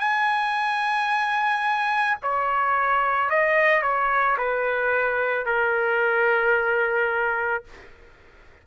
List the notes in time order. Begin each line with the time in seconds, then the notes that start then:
0.00 G#5
2.23 C#5
3.30 D#5
3.83 C#5
4.38 B4
5.46 A#4